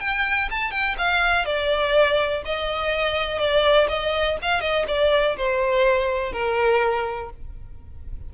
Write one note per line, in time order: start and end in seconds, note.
0.00 0.49 G5
0.50 0.71 A5
0.71 0.95 G5
0.98 1.45 F5
1.45 2.43 D5
2.45 3.39 D#5
3.39 3.87 D5
3.88 4.37 D#5
4.42 4.61 F5
4.61 4.85 D#5
4.88 5.36 D5
5.37 6.33 C5
6.33 7.30 A#4